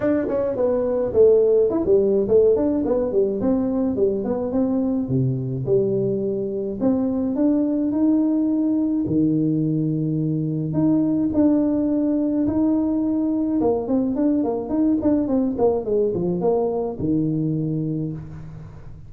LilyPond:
\new Staff \with { instrumentName = "tuba" } { \time 4/4 \tempo 4 = 106 d'8 cis'8 b4 a4 e'16 g8. | a8 d'8 b8 g8 c'4 g8 b8 | c'4 c4 g2 | c'4 d'4 dis'2 |
dis2. dis'4 | d'2 dis'2 | ais8 c'8 d'8 ais8 dis'8 d'8 c'8 ais8 | gis8 f8 ais4 dis2 | }